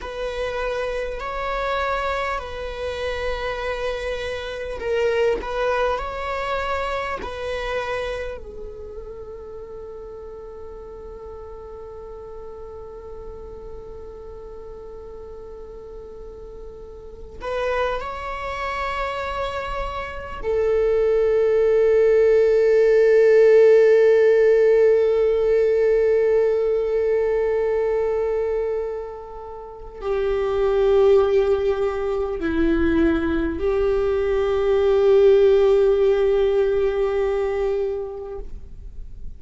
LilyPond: \new Staff \with { instrumentName = "viola" } { \time 4/4 \tempo 4 = 50 b'4 cis''4 b'2 | ais'8 b'8 cis''4 b'4 a'4~ | a'1~ | a'2~ a'8 b'8 cis''4~ |
cis''4 a'2.~ | a'1~ | a'4 g'2 e'4 | g'1 | }